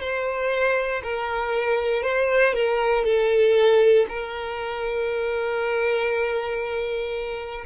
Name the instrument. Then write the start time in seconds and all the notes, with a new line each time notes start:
violin
0.00 C5
1.03 A#4
2.02 C5
2.53 A#4
3.04 A4
4.09 A#4